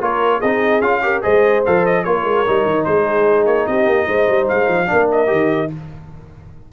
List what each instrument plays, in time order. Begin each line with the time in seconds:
0.00 tuba A#3, trombone F4, horn A#4, trumpet C#5
0.38 tuba C4, horn G#4, trumpet D#5
0.45 trombone D#4
0.81 tuba C#4, trombone F4, trumpet F5
1.02 trombone G4, horn A#4
1.22 tuba G#3, trombone G#4, horn C5, trumpet D#5
1.65 tuba F3, trombone A4, trumpet F5
1.85 trumpet D#5
2.04 tuba A#3, trombone F4, horn A#4, trumpet C#5
2.24 tuba G#3
2.47 tuba G3, trombone D#4
2.65 tuba D#3
2.84 tuba G#3, horn G#4, trumpet C5
3.46 tuba A#3, trumpet C#5
3.66 tuba C4, horn G4, trumpet D#5
3.86 tuba A#3
4.07 tuba G#3, horn C5
4.29 tuba G3
4.48 tuba G#3, trumpet F5
4.68 tuba F3
4.86 trombone D4, horn A#4
4.92 tuba A#3
5.11 trumpet D#5
5.27 tuba D#3, trombone G4